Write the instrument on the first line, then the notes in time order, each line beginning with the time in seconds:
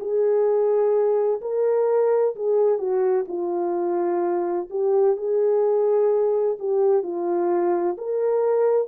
horn
0.00 G#4
1.41 A#4
2.35 G#4
2.78 F#4
3.28 F4
4.70 G4
5.17 G#4
6.59 G4
7.03 F4
7.97 A#4